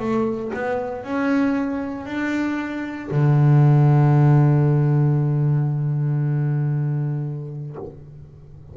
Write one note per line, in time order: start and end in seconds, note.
0.00 0.52 A3
0.54 1.04 B3
1.04 2.06 C#4
2.06 3.10 D4
3.11 7.77 D3